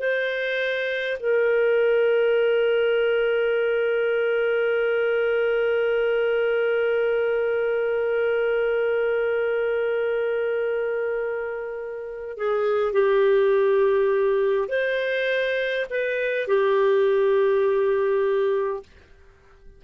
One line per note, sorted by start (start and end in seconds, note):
0.00 1.18 C5
1.20 12.37 A#4
12.37 12.93 G#4
12.93 14.68 G4
14.68 15.86 C5
15.90 16.48 B4
16.48 18.83 G4